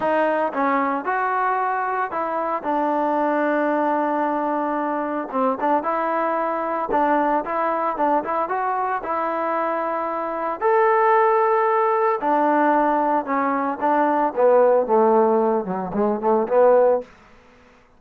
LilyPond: \new Staff \with { instrumentName = "trombone" } { \time 4/4 \tempo 4 = 113 dis'4 cis'4 fis'2 | e'4 d'2.~ | d'2 c'8 d'8 e'4~ | e'4 d'4 e'4 d'8 e'8 |
fis'4 e'2. | a'2. d'4~ | d'4 cis'4 d'4 b4 | a4. fis8 gis8 a8 b4 | }